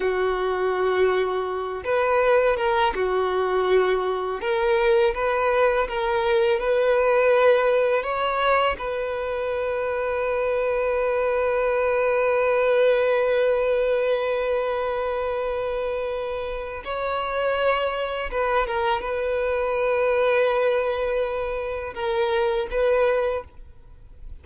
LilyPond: \new Staff \with { instrumentName = "violin" } { \time 4/4 \tempo 4 = 82 fis'2~ fis'8 b'4 ais'8 | fis'2 ais'4 b'4 | ais'4 b'2 cis''4 | b'1~ |
b'1~ | b'2. cis''4~ | cis''4 b'8 ais'8 b'2~ | b'2 ais'4 b'4 | }